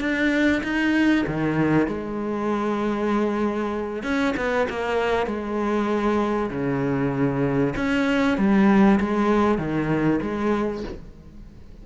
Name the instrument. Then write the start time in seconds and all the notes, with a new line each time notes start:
cello
0.00 D4
0.63 D#4
1.27 D#3
1.87 G#3
4.03 C#4
4.37 B3
4.69 A#3
5.26 G#3
6.50 C#3
7.76 C#4
8.38 G3
9.00 G#3
9.58 D#3
10.22 G#3